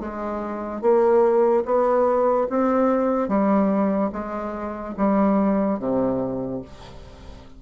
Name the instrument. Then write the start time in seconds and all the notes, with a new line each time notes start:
bassoon
0.00 G#3
0.81 A#3
1.65 B3
2.49 C4
3.28 G3
4.12 G#3
4.97 G3
5.79 C3